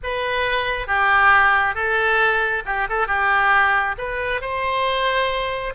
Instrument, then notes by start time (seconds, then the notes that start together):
oboe
0.03 B4
0.87 G4
1.74 A4
2.65 G4
2.89 A4
3.07 G4
3.98 B4
4.41 C5